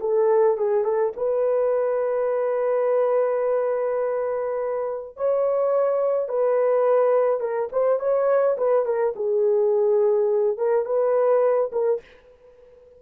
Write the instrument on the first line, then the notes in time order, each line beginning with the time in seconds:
horn
0.00 A4
0.57 G#4
0.84 A4
1.16 B4
5.17 C#5
6.28 B4
7.40 A#4
7.72 C5
7.99 C#5
8.57 B4
8.85 A#4
9.16 G#4
10.57 A#4
10.85 B4
11.72 A#4